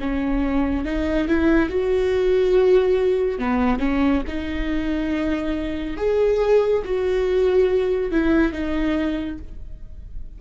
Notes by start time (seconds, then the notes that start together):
0.00 C#4
0.85 D#4
1.28 E4
1.70 F#4
3.39 B3
3.79 C#4
4.27 D#4
5.97 G#4
6.85 F#4
8.12 E4
8.53 D#4